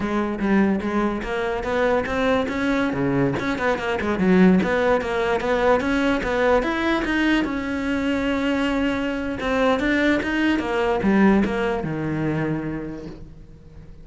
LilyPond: \new Staff \with { instrumentName = "cello" } { \time 4/4 \tempo 4 = 147 gis4 g4 gis4 ais4 | b4 c'4 cis'4~ cis'16 cis8.~ | cis16 cis'8 b8 ais8 gis8 fis4 b8.~ | b16 ais4 b4 cis'4 b8.~ |
b16 e'4 dis'4 cis'4.~ cis'16~ | cis'2. c'4 | d'4 dis'4 ais4 g4 | ais4 dis2. | }